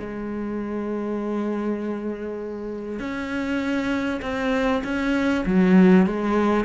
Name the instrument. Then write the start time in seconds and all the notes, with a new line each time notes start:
cello
0.00 G#3
2.99 C#4
4.22 C4
4.84 C#4
5.46 F#3
6.06 G#3